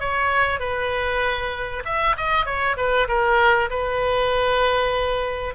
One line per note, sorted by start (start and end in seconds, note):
0.00 0.59 C#5
0.59 1.83 B4
1.85 2.16 E5
2.17 2.45 D#5
2.45 2.76 C#5
2.77 3.08 B4
3.08 3.69 A#4
3.70 5.54 B4